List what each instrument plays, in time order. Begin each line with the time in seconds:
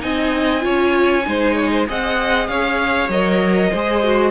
0.00 cello C4, viola D#4, violin D#5 G#5
0.60 cello C#4, viola F4, violin C#5
1.25 cello G#3, viola D#4, violin C5
1.55 violin C#5
1.72 violin C5
1.87 cello C4, viola G#4, violin D#5 F#5
2.48 cello C#4, violin C#5 F5
3.09 cello F#3, viola A#4, violin D#5
3.71 cello G#3, viola G#4, violin C5
4.03 viola F#4